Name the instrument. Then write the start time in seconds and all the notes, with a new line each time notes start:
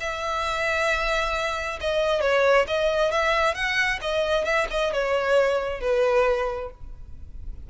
violin
0.00 E5
1.80 D#5
2.21 C#5
2.67 D#5
3.11 E5
3.54 F#5
4.01 D#5
4.45 E5
4.70 D#5
4.93 C#5
5.80 B4